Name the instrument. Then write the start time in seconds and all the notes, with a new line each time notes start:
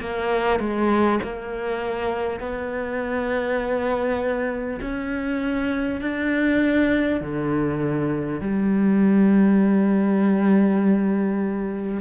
cello
0.00 A#3
0.59 G#3
1.23 A#3
2.39 B3
4.81 C#4
6.01 D4
7.21 D3
8.41 G3